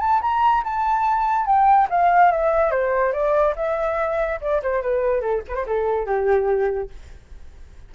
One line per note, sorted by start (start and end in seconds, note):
0.00 0.21 A5
0.22 0.64 A#5
0.64 1.46 A5
1.46 1.88 G5
1.90 2.31 F5
2.31 2.71 E5
2.71 3.13 C5
3.13 3.55 D5
3.56 4.40 E5
4.41 4.62 D5
4.63 4.82 C5
4.82 5.21 B4
5.21 5.42 A4
5.48 5.55 B4
5.55 5.66 C5
5.67 6.06 A4
6.06 6.90 G4